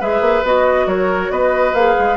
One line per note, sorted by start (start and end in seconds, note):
0.00 0.21 G#3
0.00 0.44 G#4
0.00 0.87 B4
0.00 0.45 E5
0.21 0.42 A#3
0.44 0.86 B3
0.44 1.75 F#4
0.44 0.88 D#5
0.86 1.30 F#3
0.86 1.32 A#4
0.86 1.31 C#5
1.31 1.73 B3
1.31 2.17 B4
1.31 1.74 D#5
1.73 1.95 A#3
1.73 2.17 G#4
1.73 2.17 F5
1.99 2.17 G#3